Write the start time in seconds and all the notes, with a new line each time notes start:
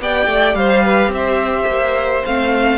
0.00 B3 G4 D5 G5
0.27 A3
0.55 G3 C5 F5
0.84 B4
1.08 C4
1.14 C5 E5
1.67 A#3
2.26 A3 C4 F5